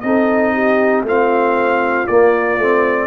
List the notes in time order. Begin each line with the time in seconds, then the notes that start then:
0.00 C4 D#4 A4 D#5
0.53 G4
1.03 A3 C4 F4 F5
2.07 A#3 D5
2.58 A3 C4